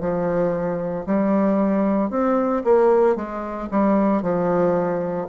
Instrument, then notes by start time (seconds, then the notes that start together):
bassoon
0.00 F3
1.06 G3
2.10 C4
2.64 A#3
3.15 G#3
3.70 G3
4.22 F3